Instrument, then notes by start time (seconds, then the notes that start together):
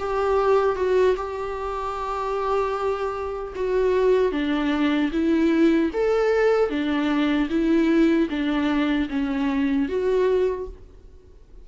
viola
0.00 G4
0.76 F#4
1.17 G4
3.56 F#4
4.32 D4
5.12 E4
5.94 A4
6.70 D4
7.50 E4
8.30 D4
9.10 C#4
9.89 F#4